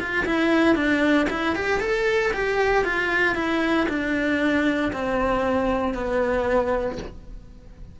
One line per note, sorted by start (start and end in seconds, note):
0.00 0.26 F4
0.26 0.76 E4
0.76 1.28 D4
1.30 1.56 E4
1.56 1.81 G4
1.81 2.33 A4
2.34 2.85 G4
2.85 3.36 F4
3.36 3.87 E4
3.89 4.92 D4
4.93 5.95 C4
5.95 6.98 B3